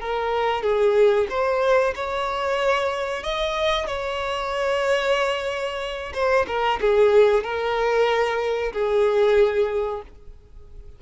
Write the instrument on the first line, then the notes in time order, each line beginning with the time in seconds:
violin
0.00 A#4
0.62 G#4
1.29 C5
1.95 C#5
3.23 D#5
3.87 C#5
6.13 C5
6.47 A#4
6.81 G#4
7.43 A#4
8.72 G#4